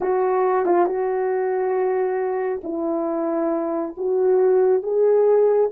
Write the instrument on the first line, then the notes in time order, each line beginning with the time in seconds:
horn
0.00 F#4
0.65 F4
0.86 F#4
2.63 E4
3.97 F#4
4.83 G#4